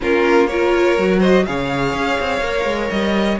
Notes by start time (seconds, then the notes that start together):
0.01 A#3 C#4 F4 A#4
0.47 F4 A#4 C#5
0.98 F#3 F#4
1.19 C5 D#5
1.45 C#3 G#4 C#5 F5
1.93 C#4
2.20 C4
2.40 A#3 A#4
2.65 G#3
2.90 G3 D#5